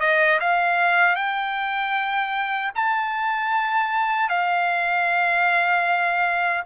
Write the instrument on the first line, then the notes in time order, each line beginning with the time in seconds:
trumpet
0.00 D#5
0.40 F5
1.15 G5
2.75 A5
4.29 F5